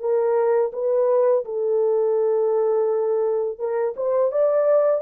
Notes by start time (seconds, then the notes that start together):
0.00 A#4
0.73 B4
1.45 A4
3.59 A#4
3.97 C5
4.32 D5